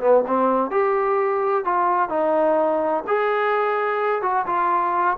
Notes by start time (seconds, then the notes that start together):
0.00 B3
0.27 C4
0.71 G4
1.64 F4
2.09 D#4
3.07 G#4
4.22 F#4
4.46 F4